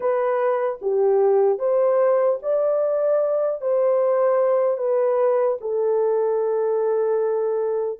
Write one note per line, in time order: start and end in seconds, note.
0.00 0.79 B4
0.81 1.59 G4
1.59 2.39 C5
2.42 3.61 D5
3.61 4.77 C5
4.77 5.57 B4
5.60 7.99 A4